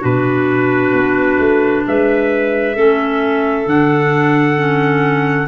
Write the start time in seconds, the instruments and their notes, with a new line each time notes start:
0.00 tuba B2, clarinet D4 F#4, trumpet B4
0.92 tuba B3
1.38 tuba A3
1.87 tuba G#3, clarinet B4, trumpet E5
2.75 tuba A3, clarinet C#4 A4
3.66 tuba D3, clarinet D4, trumpet F#5
4.57 clarinet C#4